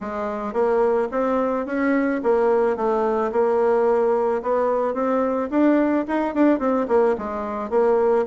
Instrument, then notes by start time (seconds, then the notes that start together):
bassoon
0.00 G#3
0.53 A#3
1.11 C4
1.66 C#4
2.23 A#3
2.76 A3
3.32 A#3
4.42 B3
4.94 C4
5.50 D4
6.07 D#4
6.34 D4
6.59 C4
6.88 A#3
7.17 G#3
7.70 A#3